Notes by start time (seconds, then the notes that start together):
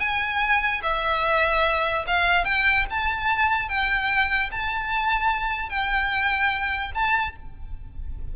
0.00 G#5
0.83 E5
2.07 F5
2.45 G5
2.90 A5
3.69 G5
4.52 A5
5.70 G5
6.95 A5